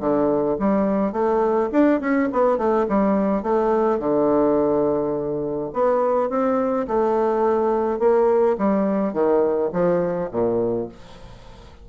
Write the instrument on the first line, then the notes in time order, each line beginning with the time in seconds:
bassoon
0.00 D3
0.59 G3
1.12 A3
1.72 D4
2.00 C#4
2.32 B3
2.57 A3
2.89 G3
3.43 A3
3.99 D3
5.73 B3
6.30 C4
6.88 A3
7.99 A#3
8.58 G3
9.14 D#3
9.73 F3
10.31 A#2